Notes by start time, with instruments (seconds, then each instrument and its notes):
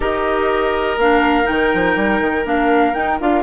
0.00 bassoon D#4, clarinet G4, oboe A#4, flute D#5
0.97 bassoon A#3, clarinet D4, flute F5
1.43 bassoon D#3, clarinet D#4, flute G5
1.73 bassoon F3
1.96 bassoon G3
2.20 bassoon D#3
2.44 bassoon A#3, clarinet D4, flute F5
2.94 clarinet D#4, bassoon D#4, flute G5
3.20 bassoon D4, clarinet F4, flute F5